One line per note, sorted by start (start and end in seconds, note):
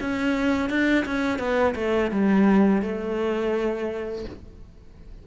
0.00 0.69 C#4
0.69 1.05 D4
1.06 1.38 C#4
1.38 1.74 B3
1.75 2.11 A3
2.11 2.82 G3
2.82 4.25 A3